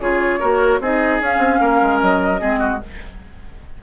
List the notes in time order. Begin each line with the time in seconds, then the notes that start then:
0.00 C#3 F4 G#4 C#5
0.39 A#3 F#4 A#4
0.80 C4 D#4 G#4 D#5
1.21 C#4 F5
1.38 C4
1.60 A#3 A#4
1.82 G#3
2.00 F#3 D#5
2.38 G#3 C4 G#4
2.59 F#4